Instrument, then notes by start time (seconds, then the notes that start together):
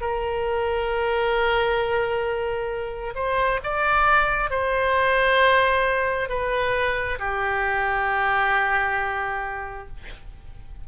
oboe
0.00 A#4
3.15 C5
3.63 D5
4.50 C5
6.28 B4
7.19 G4